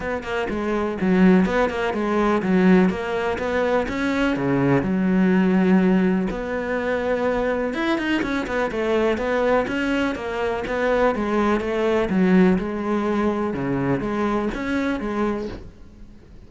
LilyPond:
\new Staff \with { instrumentName = "cello" } { \time 4/4 \tempo 4 = 124 b8 ais8 gis4 fis4 b8 ais8 | gis4 fis4 ais4 b4 | cis'4 cis4 fis2~ | fis4 b2. |
e'8 dis'8 cis'8 b8 a4 b4 | cis'4 ais4 b4 gis4 | a4 fis4 gis2 | cis4 gis4 cis'4 gis4 | }